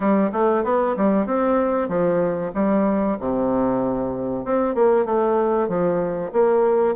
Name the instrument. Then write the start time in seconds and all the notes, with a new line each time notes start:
bassoon
0.00 G3
0.32 A3
0.63 B3
0.96 G3
1.26 C4
1.88 F3
2.54 G3
3.19 C3
4.44 C4
4.75 A#3
5.05 A3
5.68 F3
6.32 A#3